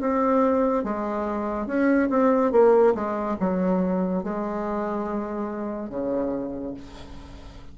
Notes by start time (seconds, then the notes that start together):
0.00 C4
0.84 G#3
1.67 C#4
2.10 C4
2.52 A#3
2.95 G#3
3.40 F#3
4.24 G#3
5.90 C#3